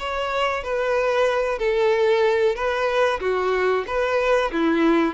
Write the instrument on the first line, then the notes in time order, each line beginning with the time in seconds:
violin
0.00 C#5
0.64 B4
1.59 A4
2.56 B4
3.21 F#4
3.87 B4
4.52 E4